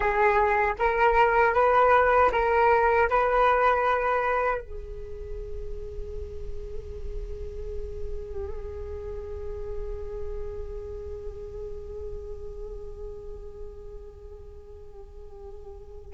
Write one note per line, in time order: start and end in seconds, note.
0.00 0.74 G#4
0.78 1.53 A#4
1.53 2.30 B4
2.32 3.09 A#4
3.09 4.61 B4
4.61 16.13 G#4